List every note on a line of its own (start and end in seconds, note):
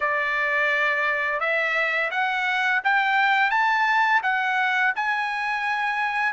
0.00 1.40 D5
1.40 2.10 E5
2.10 2.81 F#5
2.84 3.50 G5
3.50 4.21 A5
4.23 4.93 F#5
4.95 6.32 G#5